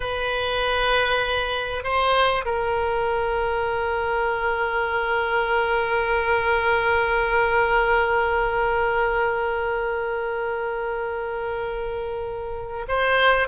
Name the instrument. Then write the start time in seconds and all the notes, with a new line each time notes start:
oboe
0.00 B4
1.83 C5
2.45 A#4
12.87 C5